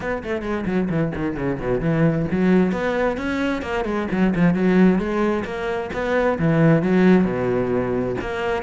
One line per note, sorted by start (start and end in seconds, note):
0.00 0.23 B3
0.23 0.42 A3
0.42 0.64 G#3
0.65 0.88 F#3
0.89 1.12 E3
1.15 1.36 D#3
1.36 1.59 C#3
1.60 1.80 B2
1.80 2.26 E3
2.31 2.71 F#3
2.71 3.17 B3
3.17 3.62 C#4
3.62 3.84 A#3
3.84 4.07 G#3
4.11 4.33 F#3
4.35 4.54 F3
4.54 4.98 F#3
4.98 5.44 G#3
5.44 5.90 A#3
5.93 6.38 B3
6.38 6.82 E3
6.82 7.24 F#3
7.24 8.15 B2
8.20 8.62 A#3